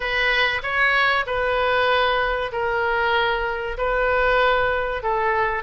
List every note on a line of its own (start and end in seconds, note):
0.00 0.61 B4
0.62 1.25 C#5
1.26 2.51 B4
2.52 3.77 A#4
3.77 5.02 B4
5.02 5.63 A4